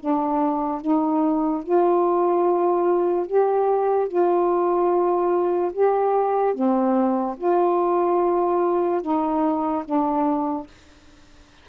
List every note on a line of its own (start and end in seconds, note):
0.00 0.81 D4
0.81 1.64 D#4
1.64 3.27 F4
3.27 4.08 G4
4.08 5.73 F4
5.73 6.54 G4
6.54 7.36 C4
7.38 9.02 F4
9.02 9.84 D#4
9.85 10.67 D4